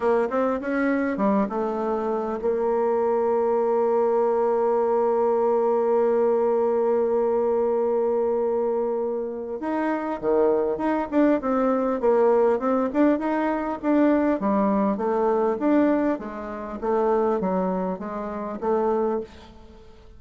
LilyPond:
\new Staff \with { instrumentName = "bassoon" } { \time 4/4 \tempo 4 = 100 ais8 c'8 cis'4 g8 a4. | ais1~ | ais1~ | ais1 |
dis'4 dis4 dis'8 d'8 c'4 | ais4 c'8 d'8 dis'4 d'4 | g4 a4 d'4 gis4 | a4 fis4 gis4 a4 | }